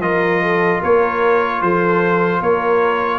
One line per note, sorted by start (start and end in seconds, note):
0.00 0.80 F3
0.00 3.19 F4
0.00 0.43 A#4
0.00 0.82 D#5
0.43 0.80 A4
0.80 1.62 A#3
0.80 1.60 A#4
0.80 1.62 C#5
1.62 2.41 F3
1.62 2.41 A4
1.62 2.42 C5
2.41 3.19 A#3
2.41 3.19 A#4
2.41 3.19 C#5